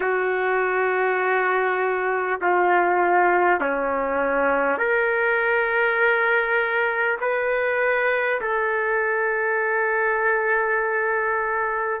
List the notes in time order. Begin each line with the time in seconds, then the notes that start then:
0.00 F#4
2.41 F4
3.60 C#4
4.78 A#4
7.21 B4
8.41 A4